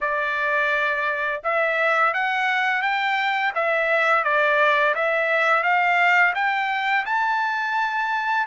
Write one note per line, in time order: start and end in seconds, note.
0.01 1.42 D5
1.43 2.13 E5
2.13 2.82 F#5
2.82 3.52 G5
3.55 4.24 E5
4.24 4.94 D5
4.94 5.63 E5
5.63 6.33 F5
6.34 7.05 G5
7.05 8.46 A5